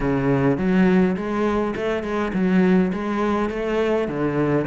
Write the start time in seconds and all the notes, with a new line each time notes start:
0.00 C#3
0.57 F#3
1.16 G#3
1.76 A3
2.03 G#3
2.33 F#3
2.92 G#3
3.50 A3
4.08 D3